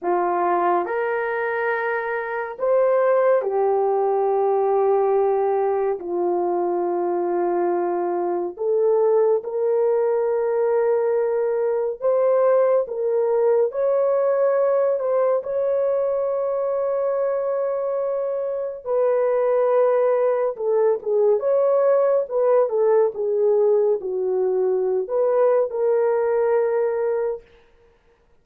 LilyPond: \new Staff \with { instrumentName = "horn" } { \time 4/4 \tempo 4 = 70 f'4 ais'2 c''4 | g'2. f'4~ | f'2 a'4 ais'4~ | ais'2 c''4 ais'4 |
cis''4. c''8 cis''2~ | cis''2 b'2 | a'8 gis'8 cis''4 b'8 a'8 gis'4 | fis'4~ fis'16 b'8. ais'2 | }